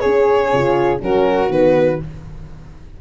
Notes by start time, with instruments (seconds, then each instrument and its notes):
0.00 tuba C#4, horn G#4, flute G#4, violin C#5
0.53 tuba C#3, horn F4
0.99 tuba F#3, horn C#4, flute F#4, violin A#4
1.49 tuba D#3, horn B3, violin B4